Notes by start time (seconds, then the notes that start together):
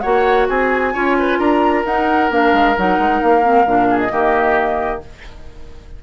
0.00 A#3 F#4 C#5 F#5
0.49 C4 G#4 G#5
0.93 C#4 F4 C#5
1.19 B4
1.38 D4 A#4 A#5
1.85 D#4 F#5
2.30 A#3 D4 F5
2.53 G#3
2.77 F#3 D#4 F#5
2.98 G#3
3.21 A#3 F5
3.42 C4
3.65 A#2 D4
3.90 G#4
3.99 D#5
4.09 D#3 A#3 G4